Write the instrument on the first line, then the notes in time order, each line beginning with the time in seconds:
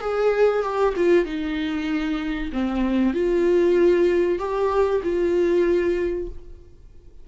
viola
0.00 G#4
0.62 G4
0.96 F4
1.25 D#4
2.52 C4
3.14 F4
4.38 G4
5.03 F4